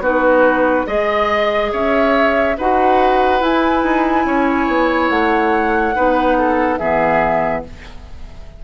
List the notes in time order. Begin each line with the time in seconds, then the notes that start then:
0.00 B3 D#4 F#4 B4
0.86 G#3 G#4 D#5
1.72 C#4 C#5 E5
2.57 D#4 F#4 B4 F#5
3.40 E4 G#5
3.83 D#4
4.25 C#4 C#5
4.68 B3
5.09 A3 F#5
5.95 B3 D#4 B4
6.38 A4
6.78 E3 B3 G#4 E5